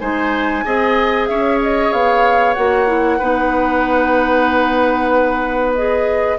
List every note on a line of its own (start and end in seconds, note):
0.00 0.64 G#3
0.00 0.64 D#4
0.00 0.64 C5
0.00 1.26 G#5
0.64 1.29 C4
0.64 2.56 G#4
0.64 1.29 D#5
1.26 1.92 C#4
1.26 3.18 C#5
1.26 1.58 E5
1.62 1.92 D#5
1.92 2.56 B3
1.92 2.54 F5
2.54 3.21 A#3
2.54 2.87 F#4
2.54 5.73 F#5
2.87 3.19 E4
3.18 6.38 B3
3.18 5.75 D#4
3.18 6.38 B4
5.75 6.38 G#4
5.75 6.38 D#5